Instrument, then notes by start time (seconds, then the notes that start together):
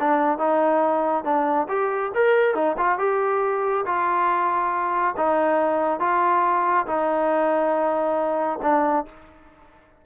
trombone
0.00 D4
0.39 D#4
1.25 D4
1.69 G4
2.15 A#4
2.55 D#4
2.78 F4
2.99 G4
3.86 F4
5.17 D#4
6.00 F4
6.87 D#4
8.63 D4